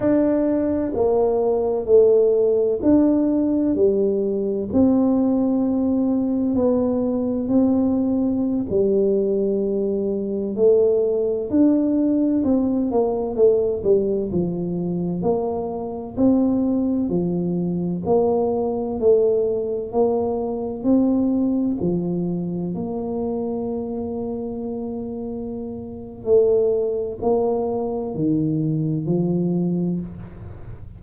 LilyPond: \new Staff \with { instrumentName = "tuba" } { \time 4/4 \tempo 4 = 64 d'4 ais4 a4 d'4 | g4 c'2 b4 | c'4~ c'16 g2 a8.~ | a16 d'4 c'8 ais8 a8 g8 f8.~ |
f16 ais4 c'4 f4 ais8.~ | ais16 a4 ais4 c'4 f8.~ | f16 ais2.~ ais8. | a4 ais4 dis4 f4 | }